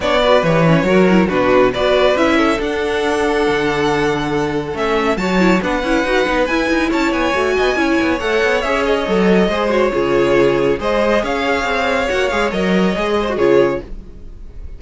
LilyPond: <<
  \new Staff \with { instrumentName = "violin" } { \time 4/4 \tempo 4 = 139 d''4 cis''2 b'4 | d''4 e''4 fis''2~ | fis''2. e''4 | a''4 fis''2 gis''4 |
a''8 gis''2~ gis''8 fis''4 | e''8 dis''2 cis''4.~ | cis''4 dis''4 f''2 | fis''8 f''8 dis''2 cis''4 | }
  \new Staff \with { instrumentName = "violin" } { \time 4/4 cis''8 b'4. ais'4 fis'4 | b'4. a'2~ a'8~ | a'1 | cis''4 b'2. |
cis''4. dis''8 cis''2~ | cis''2 c''4 gis'4~ | gis'4 c''4 cis''2~ | cis''2~ cis''8 c''8 gis'4 | }
  \new Staff \with { instrumentName = "viola" } { \time 4/4 d'8 fis'8 g'8 cis'8 fis'8 e'8 d'4 | fis'4 e'4 d'2~ | d'2. cis'4 | fis'8 e'8 d'8 e'8 fis'8 dis'8 e'4~ |
e'4 fis'4 e'4 a'4 | gis'4 a'4 gis'8 fis'8 f'4~ | f'4 gis'2. | fis'8 gis'8 ais'4 gis'8. fis'16 f'4 | }
  \new Staff \with { instrumentName = "cello" } { \time 4/4 b4 e4 fis4 b,4 | b4 cis'4 d'2 | d2. a4 | fis4 b8 cis'8 dis'8 b8 e'8 dis'8 |
cis'8 b8 a8 b8 cis'8 b8 a8 b8 | cis'4 fis4 gis4 cis4~ | cis4 gis4 cis'4 c'4 | ais8 gis8 fis4 gis4 cis4 | }
>>